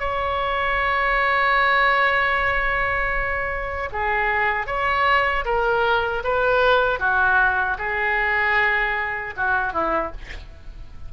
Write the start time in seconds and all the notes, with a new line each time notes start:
0.00 C#5
3.93 G#4
4.67 C#5
5.45 A#4
6.24 B4
7.00 F#4
7.79 G#4
9.37 F#4
9.73 E4